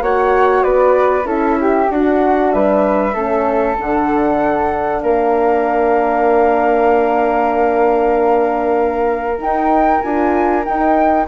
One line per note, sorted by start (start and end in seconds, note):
0.00 0.62 A#3
0.00 1.24 F#4
0.00 0.64 C#5
0.00 0.62 F#5
0.62 1.24 B3
0.62 1.26 B4
0.62 1.24 D5
1.24 1.86 C#4
1.24 1.87 E4
1.24 1.57 A4
1.24 1.90 E5
1.60 1.91 G4
1.89 2.52 D4
1.89 3.14 D4
1.89 2.54 F#4
1.89 2.51 F#5
2.51 3.15 G3
2.51 3.14 B4
2.51 3.76 E5
3.14 3.77 A3
3.14 3.77 C#4
3.14 5.01 A4
3.77 5.02 D3
3.77 9.38 D4
3.77 5.01 F#5
5.01 9.39 A#3
5.01 11.27 A#4
5.01 9.39 F5
9.38 10.00 D#4
9.38 10.02 D#4
9.38 10.01 G5
10.01 10.66 D4
10.01 10.63 F4
10.01 10.64 G#5
10.63 11.26 D#4
10.63 11.27 D#4
10.63 11.27 G5